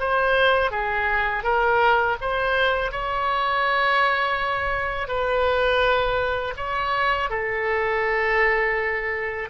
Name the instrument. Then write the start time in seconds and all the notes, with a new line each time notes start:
oboe
0.00 C5
0.71 G#4
1.44 A#4
2.21 C5
2.92 C#5
5.08 B4
6.57 C#5
7.30 A4